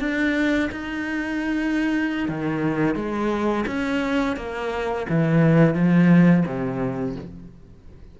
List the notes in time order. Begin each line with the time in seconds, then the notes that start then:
0.00 D4
0.72 D#4
2.29 D#3
2.96 G#3
3.67 C#4
4.37 A#3
5.10 E3
5.75 F3
6.46 C3